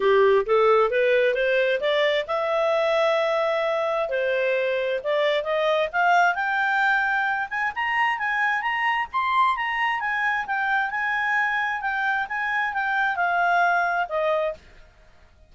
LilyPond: \new Staff \with { instrumentName = "clarinet" } { \time 4/4 \tempo 4 = 132 g'4 a'4 b'4 c''4 | d''4 e''2.~ | e''4 c''2 d''4 | dis''4 f''4 g''2~ |
g''8 gis''8 ais''4 gis''4 ais''4 | c'''4 ais''4 gis''4 g''4 | gis''2 g''4 gis''4 | g''4 f''2 dis''4 | }